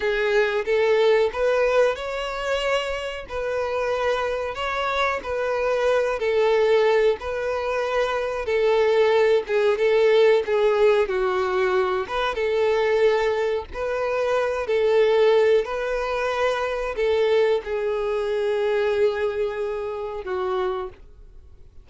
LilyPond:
\new Staff \with { instrumentName = "violin" } { \time 4/4 \tempo 4 = 92 gis'4 a'4 b'4 cis''4~ | cis''4 b'2 cis''4 | b'4. a'4. b'4~ | b'4 a'4. gis'8 a'4 |
gis'4 fis'4. b'8 a'4~ | a'4 b'4. a'4. | b'2 a'4 gis'4~ | gis'2. fis'4 | }